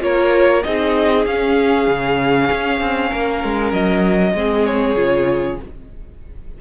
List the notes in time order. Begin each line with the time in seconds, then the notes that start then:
0.00 A#3 F4 A#4 C#5
0.63 C4 D#4 G#4 D#5
1.26 C#4 F5
1.88 C#3
2.51 C#4
2.80 C4
3.09 A#3 A#4
3.44 G#3
3.72 F#3 D#5
4.34 G#3 C4 G#4
4.66 C#5
4.96 C#3 F4